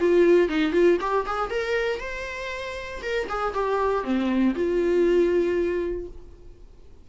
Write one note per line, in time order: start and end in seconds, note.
0.00 0.49 F4
0.49 0.73 D#4
0.73 0.98 F4
1.01 1.26 G4
1.26 1.51 G#4
1.51 2.00 A#4
2.00 3.01 C5
3.02 3.28 A#4
3.29 3.54 G#4
3.54 4.04 G4
4.04 4.55 C4
4.55 6.08 F4